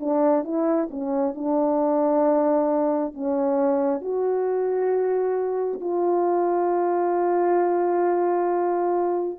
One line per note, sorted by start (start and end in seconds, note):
0.00 0.44 D4
0.44 0.89 E4
0.90 1.35 C#4
1.35 3.13 D4
3.13 4.01 C#4
4.01 5.80 F#4
5.80 9.39 F4